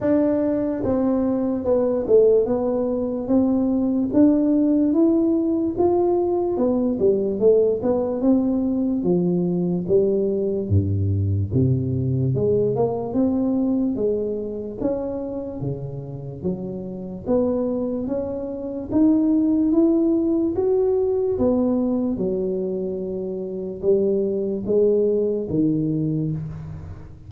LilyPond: \new Staff \with { instrumentName = "tuba" } { \time 4/4 \tempo 4 = 73 d'4 c'4 b8 a8 b4 | c'4 d'4 e'4 f'4 | b8 g8 a8 b8 c'4 f4 | g4 g,4 c4 gis8 ais8 |
c'4 gis4 cis'4 cis4 | fis4 b4 cis'4 dis'4 | e'4 fis'4 b4 fis4~ | fis4 g4 gis4 dis4 | }